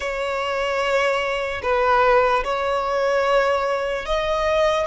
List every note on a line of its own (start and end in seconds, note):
0.00 1.61 C#5
1.62 2.43 B4
2.44 4.05 C#5
4.05 4.86 D#5